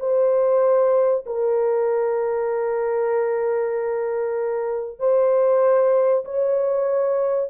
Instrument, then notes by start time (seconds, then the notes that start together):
horn
0.00 C5
1.26 A#4
4.99 C5
6.25 C#5